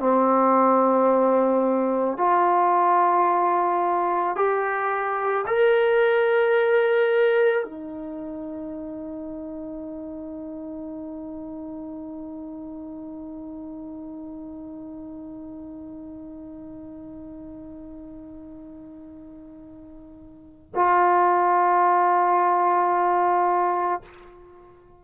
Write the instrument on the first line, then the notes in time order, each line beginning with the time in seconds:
trombone
0.00 C4
2.18 F4
4.36 G4
5.47 A#4
7.64 D#4
20.75 F4